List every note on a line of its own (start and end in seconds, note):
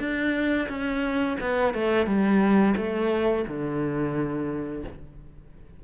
0.00 0.68 D4
0.69 1.38 C#4
1.41 1.74 B3
1.74 2.07 A3
2.07 2.75 G3
2.77 3.46 A3
3.48 4.84 D3